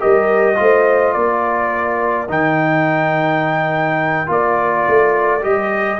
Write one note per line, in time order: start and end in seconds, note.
0.00 0.60 G3
0.00 0.56 G4
0.00 0.59 A#4
0.00 1.13 D#5
0.56 1.16 A3
0.56 2.27 F4
0.56 1.18 C5
1.13 2.30 A#3
1.13 6.00 A#4
1.13 2.27 D5
2.29 4.29 D#3
2.29 4.27 D#4
2.29 4.31 G5
4.27 4.86 A#3
4.27 5.41 F4
4.27 5.44 D5
4.88 5.45 A3
5.42 6.00 G3
5.42 5.99 G4
5.42 6.00 D#5